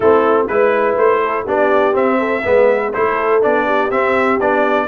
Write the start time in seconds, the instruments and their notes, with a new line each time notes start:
0.00 tuba A3, trombone C4, horn E4, trumpet A4
0.47 tuba G#3, trombone E4, trumpet B4, horn B4
0.96 tuba A3, trumpet C5
1.22 horn A4
1.45 tuba B3, trombone D4, horn G4, trumpet D5
1.92 trombone C4, tuba C4, trumpet E5
2.19 horn A4
2.44 tuba G#3, trombone B3, horn B4
2.93 tuba A3, trombone E4, horn A4, trumpet C5
3.41 tuba B3, trombone D4, trumpet D5
3.65 horn G4
3.90 tuba C4, trombone C4, trumpet E5
4.40 tuba B3, trombone D4, trumpet D5